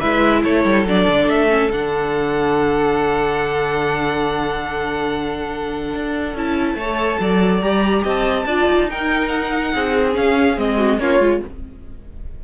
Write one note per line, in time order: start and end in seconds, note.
0.00 0.45 G#3
0.00 0.87 E4
0.00 0.42 B4
0.00 0.43 E5
0.43 0.65 A3
0.43 6.77 A4
0.43 0.86 C#5
0.65 0.85 G3
0.85 1.06 F#3
0.85 1.49 D4
0.85 1.29 D5
1.08 1.29 D3
1.29 1.71 A3
1.29 1.72 E5
1.49 1.71 C#4
1.72 5.94 D3
1.72 6.37 D4
1.72 6.37 F#5
5.94 6.35 D4
6.35 6.75 C#4
6.35 6.79 E4
6.35 7.61 A5
6.75 7.17 A3
6.75 7.21 C#5
6.82 7.62 A4
7.20 7.62 F#3
7.20 8.04 D5
7.61 8.04 G3
7.61 8.46 G4
7.61 8.03 A#5
8.04 8.46 C4
8.04 8.46 D#5
8.04 8.90 A5
8.46 8.67 D4
8.46 8.90 F4
8.46 8.89 D5
8.67 9.73 D#4
8.90 10.12 D#4
8.90 9.74 A#4
8.90 9.29 G5
9.29 10.13 F#5
9.74 10.17 C4
9.74 10.77 G#4
10.12 10.54 C#4
10.12 10.57 C#4
10.12 10.59 F5
10.57 10.99 G#3
10.57 11.00 C4
10.57 10.99 D#5
10.77 10.98 F#4
10.99 11.20 A#3
10.99 11.21 C#4
10.99 11.44 F4
10.99 11.42 C#5
11.20 11.41 G#3
11.20 11.43 F4